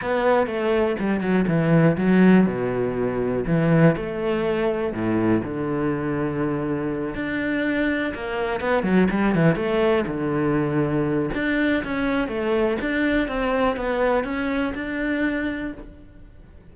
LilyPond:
\new Staff \with { instrumentName = "cello" } { \time 4/4 \tempo 4 = 122 b4 a4 g8 fis8 e4 | fis4 b,2 e4 | a2 a,4 d4~ | d2~ d8 d'4.~ |
d'8 ais4 b8 fis8 g8 e8 a8~ | a8 d2~ d8 d'4 | cis'4 a4 d'4 c'4 | b4 cis'4 d'2 | }